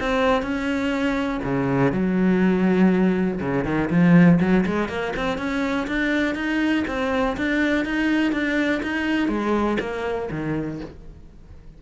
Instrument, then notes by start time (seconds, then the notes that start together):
cello
0.00 C4
0.42 C#4
1.44 C#3
1.92 F#3
3.40 C#3
3.65 D#3
3.90 F3
4.40 F#3
4.66 G#3
4.89 A#3
5.16 C4
5.38 C#4
5.87 D4
6.35 D#4
6.87 C4
7.37 D4
7.85 D#4
8.32 D4
8.83 D#4
9.28 G#3
9.80 A#3
10.31 D#3